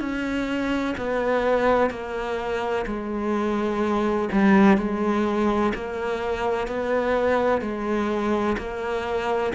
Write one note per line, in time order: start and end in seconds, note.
0.00 0.95 C#4
0.97 1.90 B3
1.90 2.86 A#3
2.86 4.29 G#3
4.32 4.77 G3
4.77 5.73 G#3
5.75 6.68 A#3
6.68 7.61 B3
7.61 8.57 G#3
8.58 9.53 A#3